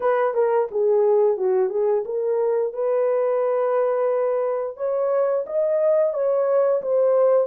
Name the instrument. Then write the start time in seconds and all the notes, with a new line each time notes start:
horn
0.00 B4
0.33 A#4
0.71 G#4
1.37 F#4
1.69 G#4
2.05 A#4
2.73 B4
4.76 C#5
5.46 D#5
6.13 C#5
6.82 C5